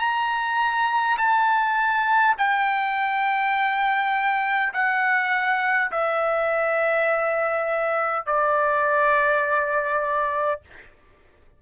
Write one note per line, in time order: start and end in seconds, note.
0.00 1.18 A#5
1.18 2.36 A5
2.38 4.73 G5
4.74 5.91 F#5
5.91 8.26 E5
8.26 10.61 D5